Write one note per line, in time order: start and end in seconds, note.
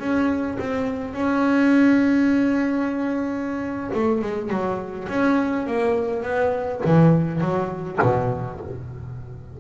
0.00 0.58 C#4
0.60 1.14 C4
1.14 3.91 C#4
3.95 4.22 A3
4.22 4.50 G#3
4.50 5.09 F#3
5.09 5.67 C#4
5.67 6.23 A#3
6.23 6.81 B3
6.86 7.41 E3
7.41 7.99 F#3
8.02 8.61 B2